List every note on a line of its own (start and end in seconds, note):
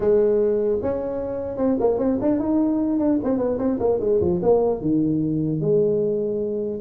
0.00 0.79 G#3
0.81 1.57 C#4
1.57 1.77 C4
1.79 1.98 A#3
1.98 2.18 C4
2.21 2.39 D4
2.39 2.99 D#4
2.99 3.19 D4
3.23 3.37 C4
3.37 3.57 B3
3.58 3.78 C4
3.79 3.99 A#3
3.99 4.19 G#3
4.21 4.41 F3
4.42 4.81 A#3
4.81 5.60 D#3
5.60 6.80 G#3